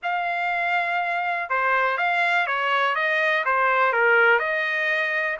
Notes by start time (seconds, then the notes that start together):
0.02 F5
1.49 C5
1.97 F5
2.46 C#5
2.95 D#5
3.45 C5
3.92 A#4
4.39 D#5